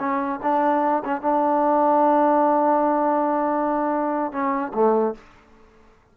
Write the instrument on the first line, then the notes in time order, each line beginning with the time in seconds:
trombone
0.00 C#4
0.43 D4
1.05 C#4
1.22 D4
4.32 C#4
4.75 A3